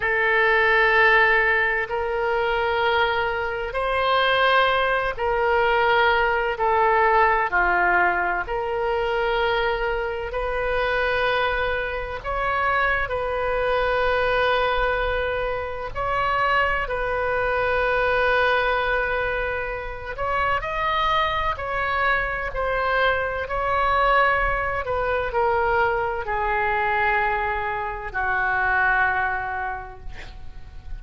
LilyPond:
\new Staff \with { instrumentName = "oboe" } { \time 4/4 \tempo 4 = 64 a'2 ais'2 | c''4. ais'4. a'4 | f'4 ais'2 b'4~ | b'4 cis''4 b'2~ |
b'4 cis''4 b'2~ | b'4. cis''8 dis''4 cis''4 | c''4 cis''4. b'8 ais'4 | gis'2 fis'2 | }